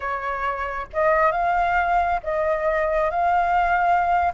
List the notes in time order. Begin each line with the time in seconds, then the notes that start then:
0.00 C#5
0.93 D#5
1.31 F5
2.23 D#5
3.10 F5